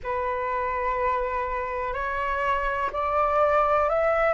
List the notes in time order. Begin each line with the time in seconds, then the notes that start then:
0.03 B4
1.93 C#5
2.92 D5
3.89 E5